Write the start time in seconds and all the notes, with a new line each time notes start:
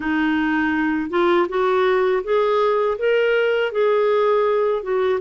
0.00 D#4
1.09 F4
1.48 F#4
2.23 G#4
2.98 A#4
3.72 G#4
4.82 F#4